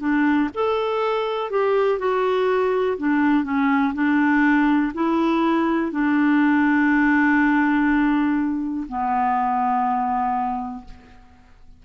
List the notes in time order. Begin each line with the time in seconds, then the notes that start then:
0.00 D4
0.54 A4
1.50 G4
1.99 F#4
2.97 D4
3.44 C#4
3.94 D4
4.94 E4
5.92 D4
8.88 B3